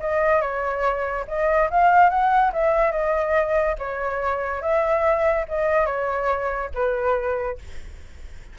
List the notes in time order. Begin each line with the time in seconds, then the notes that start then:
0.00 D#5
0.41 C#5
1.27 D#5
1.70 F5
2.09 F#5
2.53 E5
2.91 D#5
3.78 C#5
4.61 E5
5.48 D#5
5.86 C#5
6.74 B4